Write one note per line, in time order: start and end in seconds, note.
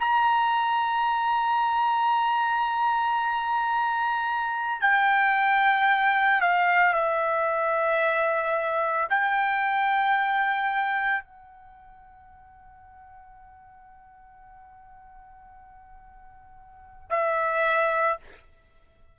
0.00 4.81 A#5
4.81 6.41 G5
6.41 6.94 F5
6.94 9.08 E5
9.10 11.24 G5
11.24 17.10 F#5
17.10 18.17 E5